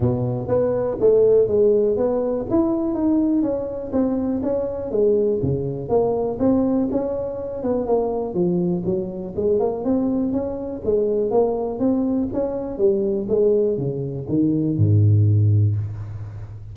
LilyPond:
\new Staff \with { instrumentName = "tuba" } { \time 4/4 \tempo 4 = 122 b,4 b4 a4 gis4 | b4 e'4 dis'4 cis'4 | c'4 cis'4 gis4 cis4 | ais4 c'4 cis'4. b8 |
ais4 f4 fis4 gis8 ais8 | c'4 cis'4 gis4 ais4 | c'4 cis'4 g4 gis4 | cis4 dis4 gis,2 | }